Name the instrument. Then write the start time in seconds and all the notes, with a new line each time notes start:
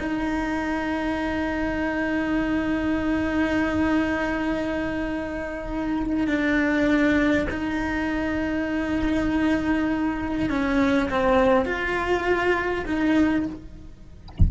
cello
0.00 D#4
6.28 D4
7.51 D#4
10.50 C#4
11.11 C4
11.66 F4
12.86 D#4